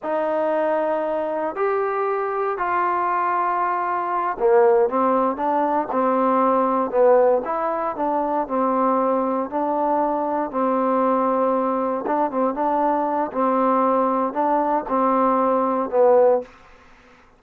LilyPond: \new Staff \with { instrumentName = "trombone" } { \time 4/4 \tempo 4 = 117 dis'2. g'4~ | g'4 f'2.~ | f'8 ais4 c'4 d'4 c'8~ | c'4. b4 e'4 d'8~ |
d'8 c'2 d'4.~ | d'8 c'2. d'8 | c'8 d'4. c'2 | d'4 c'2 b4 | }